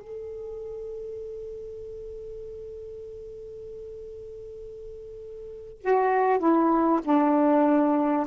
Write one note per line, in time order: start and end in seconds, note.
0.00 5.81 A4
5.81 6.38 F#4
6.38 7.00 E4
7.04 8.27 D4